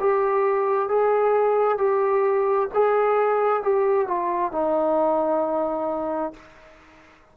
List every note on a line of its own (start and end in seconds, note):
0.00 0.89 G4
0.89 1.78 G#4
1.78 2.69 G4
2.74 3.63 G#4
3.63 4.08 G4
4.08 4.52 F4
4.52 6.34 D#4